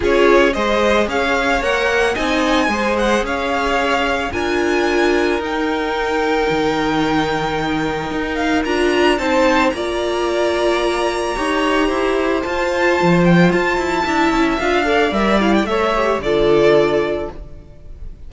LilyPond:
<<
  \new Staff \with { instrumentName = "violin" } { \time 4/4 \tempo 4 = 111 cis''4 dis''4 f''4 fis''4 | gis''4. fis''8 f''2 | gis''2 g''2~ | g''2.~ g''8 f''8 |
ais''4 a''4 ais''2~ | ais''2. a''4~ | a''8 g''8 a''2 f''4 | e''8 f''16 g''16 e''4 d''2 | }
  \new Staff \with { instrumentName = "violin" } { \time 4/4 gis'4 c''4 cis''2 | dis''4 c''4 cis''2 | ais'1~ | ais'1~ |
ais'4 c''4 d''2~ | d''4 cis''4 c''2~ | c''2 e''4. d''8~ | d''4 cis''4 a'2 | }
  \new Staff \with { instrumentName = "viola" } { \time 4/4 f'4 gis'2 ais'4 | dis'4 gis'2. | f'2 dis'2~ | dis'1 |
f'4 dis'4 f'2~ | f'4 g'2 f'4~ | f'2 e'4 f'8 a'8 | ais'8 e'8 a'8 g'8 f'2 | }
  \new Staff \with { instrumentName = "cello" } { \time 4/4 cis'4 gis4 cis'4 ais4 | c'4 gis4 cis'2 | d'2 dis'2 | dis2. dis'4 |
d'4 c'4 ais2~ | ais4 dis'4 e'4 f'4 | f4 f'8 e'8 d'8 cis'8 d'4 | g4 a4 d2 | }
>>